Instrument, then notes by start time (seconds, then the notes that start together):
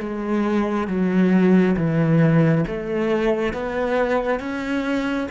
cello
0.00 G#3
0.88 F#3
1.77 E3
2.68 A3
3.54 B3
4.40 C#4